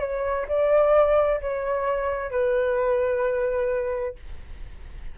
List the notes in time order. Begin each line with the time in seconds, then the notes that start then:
0.00 C#5
0.48 D5
1.41 C#5
2.31 B4